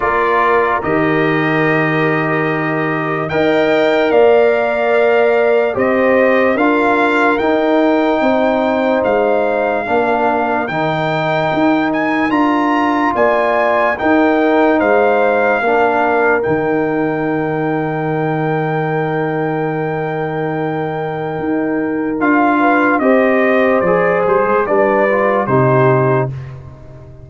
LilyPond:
<<
  \new Staff \with { instrumentName = "trumpet" } { \time 4/4 \tempo 4 = 73 d''4 dis''2. | g''4 f''2 dis''4 | f''4 g''2 f''4~ | f''4 g''4. gis''8 ais''4 |
gis''4 g''4 f''2 | g''1~ | g''2. f''4 | dis''4 d''8 c''8 d''4 c''4 | }
  \new Staff \with { instrumentName = "horn" } { \time 4/4 ais'1 | dis''4 d''2 c''4 | ais'2 c''2 | ais'1 |
d''4 ais'4 c''4 ais'4~ | ais'1~ | ais'2.~ ais'8 b'8 | c''2 b'4 g'4 | }
  \new Staff \with { instrumentName = "trombone" } { \time 4/4 f'4 g'2. | ais'2. g'4 | f'4 dis'2. | d'4 dis'2 f'4~ |
f'4 dis'2 d'4 | dis'1~ | dis'2. f'4 | g'4 gis'4 d'8 f'8 dis'4 | }
  \new Staff \with { instrumentName = "tuba" } { \time 4/4 ais4 dis2. | dis'4 ais2 c'4 | d'4 dis'4 c'4 gis4 | ais4 dis4 dis'4 d'4 |
ais4 dis'4 gis4 ais4 | dis1~ | dis2 dis'4 d'4 | c'4 f8 g16 gis16 g4 c4 | }
>>